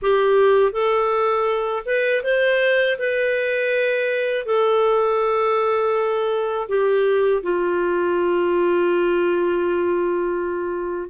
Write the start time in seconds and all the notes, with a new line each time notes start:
0.02 G4
0.72 A4
1.85 B4
2.23 C5
2.98 B4
4.45 A4
6.68 G4
7.42 F4